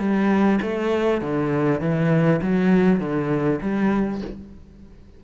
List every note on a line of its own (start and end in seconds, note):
0.00 0.60 G3
0.62 1.22 A3
1.22 1.81 D3
1.81 2.41 E3
2.42 3.00 F#3
3.00 3.60 D3
3.62 4.22 G3